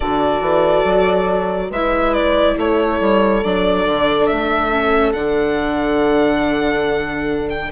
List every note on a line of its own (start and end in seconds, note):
0.00 0.40 D3
0.00 1.73 F#4
0.00 1.69 A4
0.00 1.70 D5
0.40 0.83 E3
0.84 1.70 F#3
1.70 2.56 G#3
1.70 3.44 E4
1.70 2.56 B4
1.70 2.13 E5
2.13 2.56 D5
2.56 3.00 A3
2.56 7.71 A4
2.56 3.43 C#5
3.00 3.43 G3
3.43 3.85 F#3
3.43 4.71 D4
3.43 4.26 D5
3.85 4.28 D3
4.26 5.14 A3
4.26 5.12 E5
4.71 5.14 C#4
5.12 7.71 D3
5.12 7.71 D4
5.12 7.48 F#5
7.49 7.71 G5